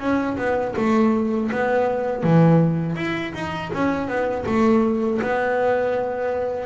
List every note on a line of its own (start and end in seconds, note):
0.00 0.37 C#4
0.38 0.75 B3
0.77 1.51 A3
1.52 2.24 B3
2.24 2.96 E3
2.96 3.33 E4
3.35 3.72 D#4
3.74 4.08 C#4
4.08 4.45 B3
4.46 5.20 A3
5.22 6.66 B3